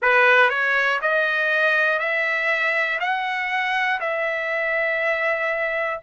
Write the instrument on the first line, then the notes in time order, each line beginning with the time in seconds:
trumpet
0.01 B4
0.49 C#5
1.01 D#5
1.99 E5
3.00 F#5
4.00 E5